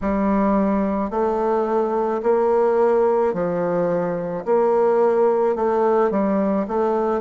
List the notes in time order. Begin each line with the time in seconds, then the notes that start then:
0.01 G3
1.10 A3
2.22 A#3
3.33 F3
4.45 A#3
5.56 A3
6.11 G3
6.67 A3